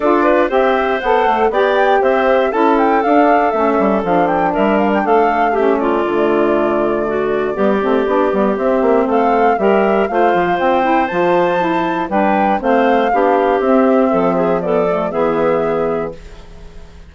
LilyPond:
<<
  \new Staff \with { instrumentName = "flute" } { \time 4/4 \tempo 4 = 119 d''4 e''4 fis''4 g''4 | e''4 a''8 g''8 f''4 e''4 | f''8 g''8 e''8 f''16 g''16 f''4 e''8 d''8~ | d''1~ |
d''4 e''4 f''4 e''4 | f''4 g''4 a''2 | g''4 f''2 e''4~ | e''4 d''4 e''2 | }
  \new Staff \with { instrumentName = "clarinet" } { \time 4/4 a'8 b'8 c''2 d''4 | c''4 a'2.~ | a'4 ais'4 a'4 g'8 f'8~ | f'2 fis'4 g'4~ |
g'2 a'4 ais'4 | c''1 | b'4 c''4 g'2 | a'8 gis'8 a'4 gis'2 | }
  \new Staff \with { instrumentName = "saxophone" } { \time 4/4 f'4 g'4 a'4 g'4~ | g'4 e'4 d'4 cis'4 | d'2. cis'4 | a2. b8 c'8 |
d'8 b8 c'2 g'4 | f'4. e'8 f'4 e'4 | d'4 c'4 d'4 c'4~ | c'4 b8 a8 b2 | }
  \new Staff \with { instrumentName = "bassoon" } { \time 4/4 d'4 c'4 b8 a8 b4 | c'4 cis'4 d'4 a8 g8 | f4 g4 a2 | d2. g8 a8 |
b8 g8 c'8 ais8 a4 g4 | a8 f8 c'4 f2 | g4 a4 b4 c'4 | f2 e2 | }
>>